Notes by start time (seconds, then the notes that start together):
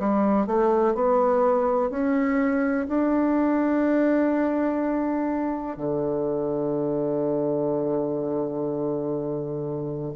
0.00 G3
0.47 A3
0.95 B3
1.90 C#4
2.89 D4
5.78 D3